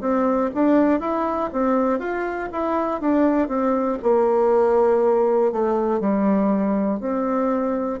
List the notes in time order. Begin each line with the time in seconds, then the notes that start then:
0.00 C4
0.54 D4
1.00 E4
1.52 C4
1.99 F4
2.52 E4
3.00 D4
3.47 C4
4.02 A#3
5.51 A3
6.00 G3
7.00 C4